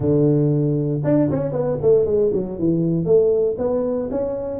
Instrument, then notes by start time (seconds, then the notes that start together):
tuba
0.00 D3
1.03 D4
1.30 C#4
1.52 B3
1.81 A3
2.05 G#3
2.33 F#3
2.58 E3
3.05 A3
3.58 B3
4.10 C#4